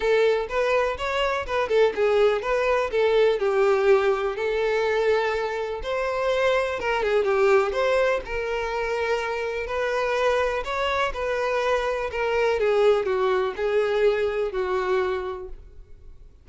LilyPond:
\new Staff \with { instrumentName = "violin" } { \time 4/4 \tempo 4 = 124 a'4 b'4 cis''4 b'8 a'8 | gis'4 b'4 a'4 g'4~ | g'4 a'2. | c''2 ais'8 gis'8 g'4 |
c''4 ais'2. | b'2 cis''4 b'4~ | b'4 ais'4 gis'4 fis'4 | gis'2 fis'2 | }